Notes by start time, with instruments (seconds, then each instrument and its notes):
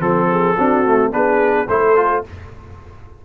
0.00 tuba F3, trombone C4, trumpet A4, horn A4
0.31 horn G#4
0.56 tuba C4, trombone D4, horn F#4
0.86 trombone A3
1.12 tuba B3, trombone D4, horn G#4, trumpet B4
1.69 tuba A3, trombone E4, horn A4, trumpet C5
1.97 trombone F4